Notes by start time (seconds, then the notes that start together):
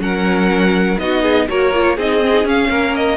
0.00 F#3 C#4 A#4 F#5
0.99 B3 D#4 F#4 D#5
1.22 G#4
1.48 A#3 F#4 A#4 C#5
1.74 F4
1.96 C4 D#4 G#4 D#5
2.20 C4
2.33 D#4
2.44 C#4 F5
2.70 A#3 A#4
2.95 D#5